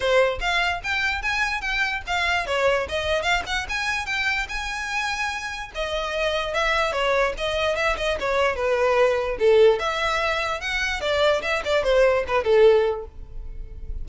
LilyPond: \new Staff \with { instrumentName = "violin" } { \time 4/4 \tempo 4 = 147 c''4 f''4 g''4 gis''4 | g''4 f''4 cis''4 dis''4 | f''8 fis''8 gis''4 g''4 gis''4~ | gis''2 dis''2 |
e''4 cis''4 dis''4 e''8 dis''8 | cis''4 b'2 a'4 | e''2 fis''4 d''4 | e''8 d''8 c''4 b'8 a'4. | }